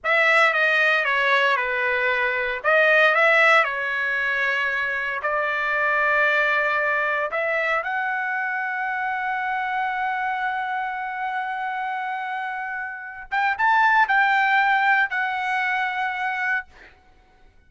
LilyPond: \new Staff \with { instrumentName = "trumpet" } { \time 4/4 \tempo 4 = 115 e''4 dis''4 cis''4 b'4~ | b'4 dis''4 e''4 cis''4~ | cis''2 d''2~ | d''2 e''4 fis''4~ |
fis''1~ | fis''1~ | fis''4. g''8 a''4 g''4~ | g''4 fis''2. | }